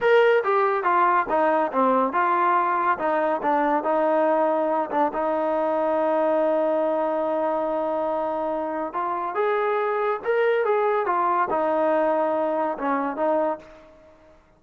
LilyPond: \new Staff \with { instrumentName = "trombone" } { \time 4/4 \tempo 4 = 141 ais'4 g'4 f'4 dis'4 | c'4 f'2 dis'4 | d'4 dis'2~ dis'8 d'8 | dis'1~ |
dis'1~ | dis'4 f'4 gis'2 | ais'4 gis'4 f'4 dis'4~ | dis'2 cis'4 dis'4 | }